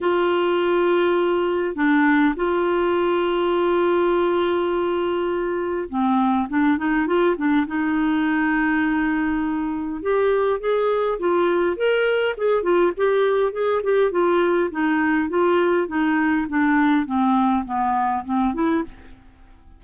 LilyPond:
\new Staff \with { instrumentName = "clarinet" } { \time 4/4 \tempo 4 = 102 f'2. d'4 | f'1~ | f'2 c'4 d'8 dis'8 | f'8 d'8 dis'2.~ |
dis'4 g'4 gis'4 f'4 | ais'4 gis'8 f'8 g'4 gis'8 g'8 | f'4 dis'4 f'4 dis'4 | d'4 c'4 b4 c'8 e'8 | }